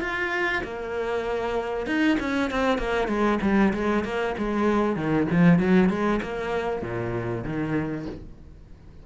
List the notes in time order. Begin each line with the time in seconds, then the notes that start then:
0.00 F4
0.63 A#3
1.86 D#4
2.19 C#4
2.50 C4
2.78 A#3
3.07 G#3
3.42 G3
3.73 G#3
4.04 A#3
4.37 G#3
4.96 D#3
5.31 F3
5.58 F#3
5.89 G#3
6.22 A#3
6.82 A#2
7.44 D#3